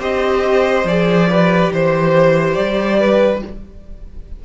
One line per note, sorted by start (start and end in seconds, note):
0.00 0.84 C4
0.00 0.86 G4
0.00 1.29 C5
0.00 0.87 D#5
0.84 1.70 F3
0.84 1.31 G#4
0.84 1.73 D5
1.30 3.45 G4
1.30 1.73 B4
1.73 2.57 E3
1.73 2.54 C5
1.73 3.00 C5
2.54 3.42 G3
2.54 3.40 D5
3.00 3.42 B4